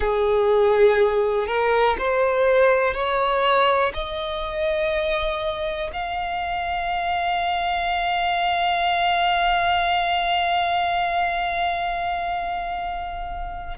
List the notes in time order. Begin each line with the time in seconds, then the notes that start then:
0.00 G#4
1.47 A#4
1.98 C5
2.93 C#5
3.93 D#5
5.92 F5